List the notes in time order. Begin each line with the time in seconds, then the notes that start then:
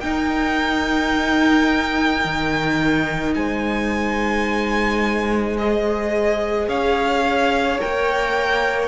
0.00 D#4 A#4 G5
2.25 D#3
3.34 G#3 C5 G#5
5.58 G#4 D#5
6.68 C#4 C#5 F5
7.79 A#3 A#4 G5